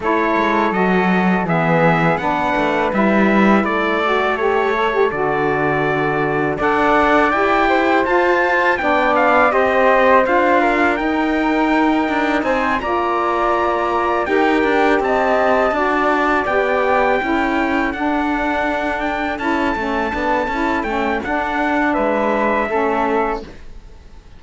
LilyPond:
<<
  \new Staff \with { instrumentName = "trumpet" } { \time 4/4 \tempo 4 = 82 cis''4 dis''4 e''4 fis''4 | e''4 d''4 cis''4 d''4~ | d''4 fis''4 g''4 a''4 | g''8 f''8 dis''4 f''4 g''4~ |
g''4 gis''8 ais''2 g''8~ | g''8 a''2 g''4.~ | g''8 fis''4. g''8 a''4.~ | a''8 g''8 fis''4 e''2 | }
  \new Staff \with { instrumentName = "flute" } { \time 4/4 a'2 gis'4 b'4~ | b'4 a'2.~ | a'4 d''4. c''4. | d''4 c''4. ais'4.~ |
ais'4 c''8 d''2 ais'8~ | ais'8 dis''4 d''2 a'8~ | a'1~ | a'2 b'4 a'4 | }
  \new Staff \with { instrumentName = "saxophone" } { \time 4/4 e'4 fis'4 b4 d'4 | e'4. fis'8 g'8 a'16 g'16 fis'4~ | fis'4 a'4 g'4 f'4 | d'4 g'4 f'4 dis'4~ |
dis'4. f'2 g'8~ | g'4. fis'4 g'4 e'8~ | e'8 d'2 e'8 cis'8 d'8 | e'8 cis'8 d'2 cis'4 | }
  \new Staff \with { instrumentName = "cello" } { \time 4/4 a8 gis8 fis4 e4 b8 a8 | g4 a2 d4~ | d4 d'4 e'4 f'4 | b4 c'4 d'4 dis'4~ |
dis'8 d'8 c'8 ais2 dis'8 | d'8 c'4 d'4 b4 cis'8~ | cis'8 d'2 cis'8 a8 b8 | cis'8 a8 d'4 gis4 a4 | }
>>